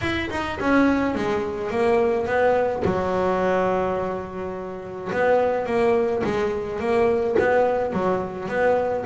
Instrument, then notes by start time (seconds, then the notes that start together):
double bass
0.01 E4
0.30 D#4
0.59 C#4
1.14 G#3
1.70 A#3
2.26 B3
2.84 F#3
5.12 B3
5.66 A#3
6.24 G#3
6.79 A#3
7.39 B3
7.92 F#3
8.48 B3